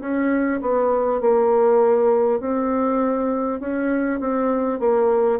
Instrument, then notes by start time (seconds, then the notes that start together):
bassoon
0.00 C#4
0.61 B3
1.20 A#3
2.39 C4
3.59 C#4
4.20 C4
4.79 A#3